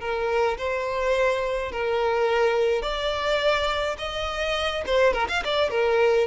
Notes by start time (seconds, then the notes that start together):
0.00 A#4
0.57 C5
1.72 A#4
2.82 D5
3.98 D#5
4.86 C5
5.13 A#4
5.29 F5
5.44 D5
5.70 A#4